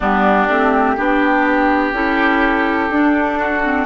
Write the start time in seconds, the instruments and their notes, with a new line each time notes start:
0.00 bassoon G3, clarinet B3, oboe D4, flute G4
0.48 bassoon A3, clarinet C4
0.97 bassoon B3, clarinet D4, oboe G4
1.92 bassoon C#4, clarinet E4, flute A4
2.90 bassoon D4, clarinet D4
3.38 oboe F#4
3.63 clarinet C4